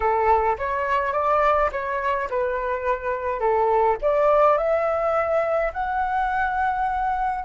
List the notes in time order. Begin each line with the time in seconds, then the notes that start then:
0.00 A4
0.58 C#5
1.12 D5
1.71 C#5
2.30 B4
3.39 A4
4.01 D5
4.57 E5
5.73 F#5